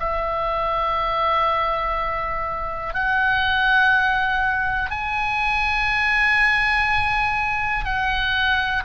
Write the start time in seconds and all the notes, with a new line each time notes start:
0.00 E5
2.94 F#5
4.91 G#5
7.85 F#5